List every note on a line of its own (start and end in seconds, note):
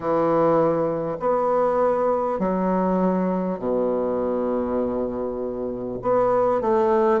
0.00 1.17 E3
1.19 2.39 B3
2.39 3.58 F#3
3.58 5.98 B2
6.02 6.61 B3
6.61 7.20 A3